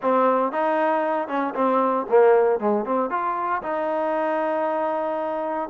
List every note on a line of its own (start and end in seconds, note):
0.02 0.51 C4
0.51 1.28 D#4
1.28 1.54 C#4
1.54 2.06 C4
2.09 2.59 A#3
2.59 2.85 G#3
2.85 3.10 C4
3.10 3.61 F4
3.62 5.69 D#4